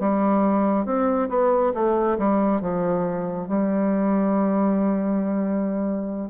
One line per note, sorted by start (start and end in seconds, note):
0.00 0.85 G3
0.85 1.29 C4
1.29 1.73 B3
1.74 2.18 A3
2.18 2.61 G3
2.61 3.48 F3
3.48 6.30 G3